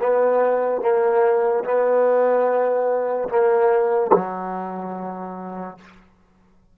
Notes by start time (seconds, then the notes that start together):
0.00 B3
0.81 A#3
1.64 B3
3.29 A#3
4.12 F#3